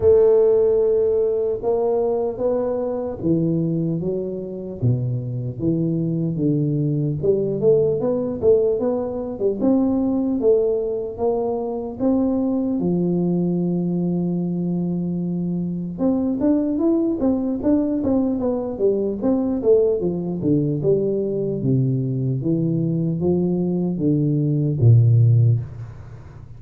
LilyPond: \new Staff \with { instrumentName = "tuba" } { \time 4/4 \tempo 4 = 75 a2 ais4 b4 | e4 fis4 b,4 e4 | d4 g8 a8 b8 a8 b8. g16 | c'4 a4 ais4 c'4 |
f1 | c'8 d'8 e'8 c'8 d'8 c'8 b8 g8 | c'8 a8 f8 d8 g4 c4 | e4 f4 d4 ais,4 | }